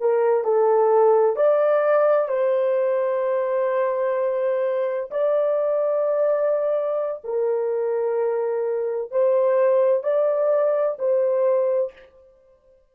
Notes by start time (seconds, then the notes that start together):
0.00 A#4
0.44 A4
1.36 D5
2.28 C5
5.11 D5
7.24 A#4
9.11 C5
10.03 D5
10.99 C5